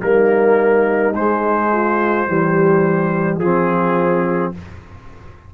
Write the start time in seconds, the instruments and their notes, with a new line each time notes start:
0.00 tuba G3, trombone A#3, horn D#4, trumpet A#4
1.15 trombone G#3, tuba G#3, trumpet C5
1.72 horn F4
2.27 tuba E3, trombone G3, horn G4
3.39 tuba F3, trombone C4, horn F4, trumpet G#4